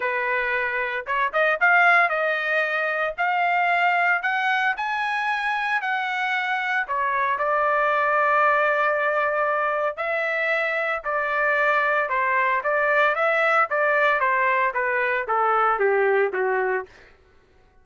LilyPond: \new Staff \with { instrumentName = "trumpet" } { \time 4/4 \tempo 4 = 114 b'2 cis''8 dis''8 f''4 | dis''2 f''2 | fis''4 gis''2 fis''4~ | fis''4 cis''4 d''2~ |
d''2. e''4~ | e''4 d''2 c''4 | d''4 e''4 d''4 c''4 | b'4 a'4 g'4 fis'4 | }